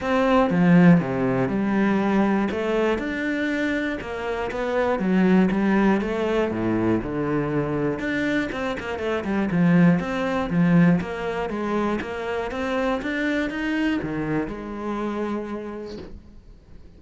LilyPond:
\new Staff \with { instrumentName = "cello" } { \time 4/4 \tempo 4 = 120 c'4 f4 c4 g4~ | g4 a4 d'2 | ais4 b4 fis4 g4 | a4 a,4 d2 |
d'4 c'8 ais8 a8 g8 f4 | c'4 f4 ais4 gis4 | ais4 c'4 d'4 dis'4 | dis4 gis2. | }